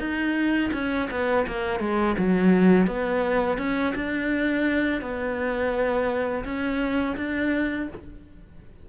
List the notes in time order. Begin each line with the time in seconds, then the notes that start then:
0.00 D#4
0.74 C#4
1.11 B3
1.47 A#3
1.80 G#3
2.19 F#3
2.87 B3
3.58 C#4
3.95 D4
5.02 B3
6.45 C#4
7.17 D4